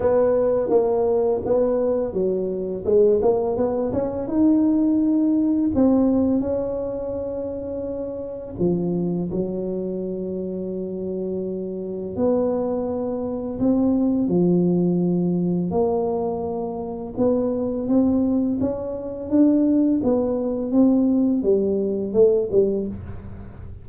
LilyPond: \new Staff \with { instrumentName = "tuba" } { \time 4/4 \tempo 4 = 84 b4 ais4 b4 fis4 | gis8 ais8 b8 cis'8 dis'2 | c'4 cis'2. | f4 fis2.~ |
fis4 b2 c'4 | f2 ais2 | b4 c'4 cis'4 d'4 | b4 c'4 g4 a8 g8 | }